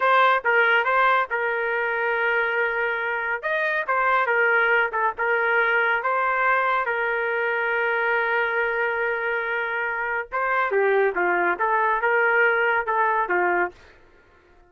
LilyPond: \new Staff \with { instrumentName = "trumpet" } { \time 4/4 \tempo 4 = 140 c''4 ais'4 c''4 ais'4~ | ais'1 | dis''4 c''4 ais'4. a'8 | ais'2 c''2 |
ais'1~ | ais'1 | c''4 g'4 f'4 a'4 | ais'2 a'4 f'4 | }